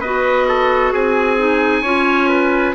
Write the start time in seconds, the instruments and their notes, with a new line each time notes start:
0.00 bassoon B3, clarinet F#4, trumpet B4, oboe D#5
0.48 trumpet A4
0.92 bassoon C4, trumpet G#4, oboe G#5
1.38 clarinet D#4
1.82 bassoon C#4, clarinet F4, trumpet C#5
2.28 trumpet B4